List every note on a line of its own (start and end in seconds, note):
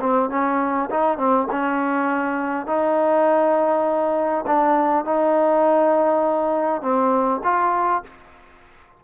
0.00 0.30 C4
0.30 0.89 C#4
0.90 1.18 D#4
1.18 1.47 C4
1.51 2.67 C#4
2.67 4.45 D#4
4.46 5.05 D4
5.05 6.82 D#4
6.82 7.41 C4
7.43 8.03 F4